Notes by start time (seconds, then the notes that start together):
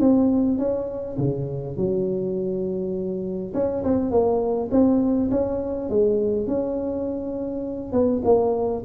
0.00 C4
0.59 C#4
1.18 C#3
1.77 F#3
3.54 C#4
3.84 C4
4.11 A#3
4.71 C4
5.31 C#4
5.90 G#3
6.47 C#4
7.93 B3
8.24 A#3